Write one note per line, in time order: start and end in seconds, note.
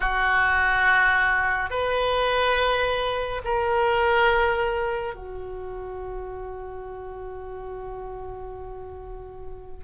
0.00 1.69 F#4
1.69 3.41 B4
3.44 5.14 A#4
5.14 9.84 F#4